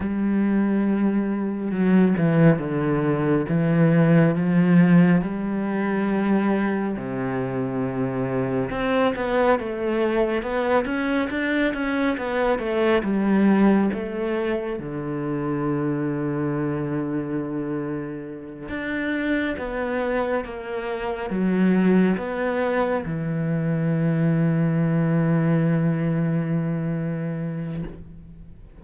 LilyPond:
\new Staff \with { instrumentName = "cello" } { \time 4/4 \tempo 4 = 69 g2 fis8 e8 d4 | e4 f4 g2 | c2 c'8 b8 a4 | b8 cis'8 d'8 cis'8 b8 a8 g4 |
a4 d2.~ | d4. d'4 b4 ais8~ | ais8 fis4 b4 e4.~ | e1 | }